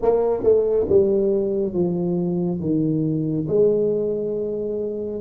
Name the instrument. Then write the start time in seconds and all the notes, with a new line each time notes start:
tuba
0.02 A#3
0.43 A3
0.89 G3
1.73 F3
2.59 D#3
3.48 G#3